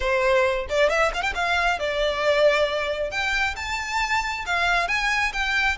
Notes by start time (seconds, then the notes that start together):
0.00 C5
0.69 D5
0.89 E5
1.14 F5
1.22 G5
1.34 F5
1.79 D5
3.10 G5
3.56 A5
4.46 F5
4.88 G#5
5.33 G5